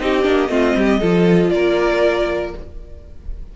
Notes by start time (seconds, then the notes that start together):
0.00 C4 D#4 G4 D#5
0.22 A#3 D4
0.49 A3 C4 F4
0.75 G3 G4
1.00 F3 F4 A4
1.50 A#3 A#4 D5